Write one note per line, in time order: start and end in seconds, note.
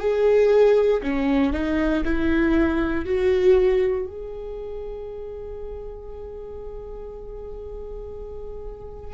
0.00 1.02 G#4
1.03 1.53 C#4
1.53 2.04 D#4
2.05 3.06 E4
3.06 4.07 F#4
4.07 9.14 G#4